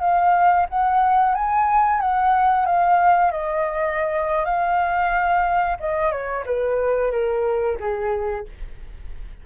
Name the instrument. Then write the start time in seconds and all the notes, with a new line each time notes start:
flute
0.00 F5
0.69 F#5
1.35 G#5
2.00 F#5
2.66 F5
3.31 D#5
4.45 F5
5.80 D#5
6.11 C#5
6.45 B4
7.11 A#4
7.80 G#4